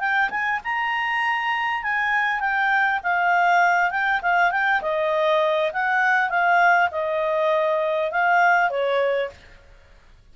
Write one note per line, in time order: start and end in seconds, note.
0.00 0.30 G5
0.30 0.60 G#5
0.64 1.83 A#5
1.83 2.40 G#5
2.40 3.00 G5
3.03 3.91 F5
3.91 4.21 G5
4.22 4.51 F5
4.51 4.81 G5
4.82 5.72 D#5
5.73 6.30 F#5
6.30 6.90 F5
6.92 8.12 D#5
8.12 8.71 F5
8.71 9.31 C#5